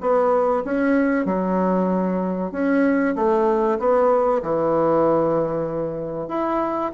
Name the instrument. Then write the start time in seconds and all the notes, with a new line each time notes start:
bassoon
0.00 B3
0.64 C#4
1.25 F#3
2.51 C#4
3.15 A3
3.79 B3
4.42 E3
6.28 E4